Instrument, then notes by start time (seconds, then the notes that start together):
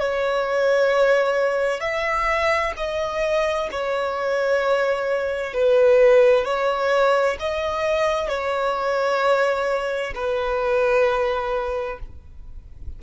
violin
0.00 C#5
1.80 E5
2.77 D#5
3.71 C#5
5.54 B4
6.45 C#5
7.40 D#5
8.29 C#5
10.15 B4